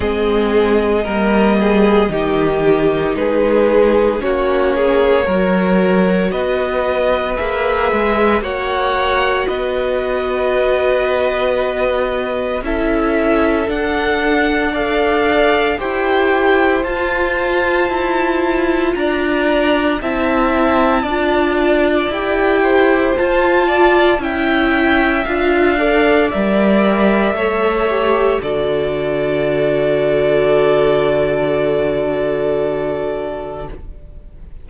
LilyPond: <<
  \new Staff \with { instrumentName = "violin" } { \time 4/4 \tempo 4 = 57 dis''2. b'4 | cis''2 dis''4 e''4 | fis''4 dis''2. | e''4 fis''4 f''4 g''4 |
a''2 ais''4 a''4~ | a''4 g''4 a''4 g''4 | f''4 e''2 d''4~ | d''1 | }
  \new Staff \with { instrumentName = "violin" } { \time 4/4 gis'4 ais'8 gis'8 g'4 gis'4 | fis'8 gis'8 ais'4 b'2 | cis''4 b'2. | a'2 d''4 c''4~ |
c''2 d''4 e''4 | d''4. c''4 d''8 e''4~ | e''8 d''4. cis''4 a'4~ | a'1 | }
  \new Staff \with { instrumentName = "viola" } { \time 4/4 c'4 ais4 dis'2 | cis'4 fis'2 gis'4 | fis'1 | e'4 d'4 a'4 g'4 |
f'2. e'4 | f'4 g'4 f'4 e'4 | f'8 a'8 ais'4 a'8 g'8 fis'4~ | fis'1 | }
  \new Staff \with { instrumentName = "cello" } { \time 4/4 gis4 g4 dis4 gis4 | ais4 fis4 b4 ais8 gis8 | ais4 b2. | cis'4 d'2 e'4 |
f'4 e'4 d'4 c'4 | d'4 e'4 f'4 cis'4 | d'4 g4 a4 d4~ | d1 | }
>>